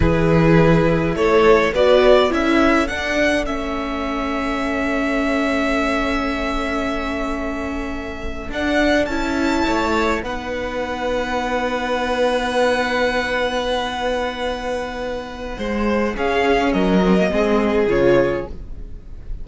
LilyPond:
<<
  \new Staff \with { instrumentName = "violin" } { \time 4/4 \tempo 4 = 104 b'2 cis''4 d''4 | e''4 fis''4 e''2~ | e''1~ | e''2~ e''8. fis''4 a''16~ |
a''4.~ a''16 fis''2~ fis''16~ | fis''1~ | fis''1 | f''4 dis''2 cis''4 | }
  \new Staff \with { instrumentName = "violin" } { \time 4/4 gis'2 a'4 b'4 | a'1~ | a'1~ | a'1~ |
a'8. cis''4 b'2~ b'16~ | b'1~ | b'2. c''4 | gis'4 ais'4 gis'2 | }
  \new Staff \with { instrumentName = "viola" } { \time 4/4 e'2. fis'4 | e'4 d'4 cis'2~ | cis'1~ | cis'2~ cis'8. d'4 e'16~ |
e'4.~ e'16 dis'2~ dis'16~ | dis'1~ | dis'1 | cis'4. c'16 ais16 c'4 f'4 | }
  \new Staff \with { instrumentName = "cello" } { \time 4/4 e2 a4 b4 | cis'4 d'4 a2~ | a1~ | a2~ a8. d'4 cis'16~ |
cis'8. a4 b2~ b16~ | b1~ | b2. gis4 | cis'4 fis4 gis4 cis4 | }
>>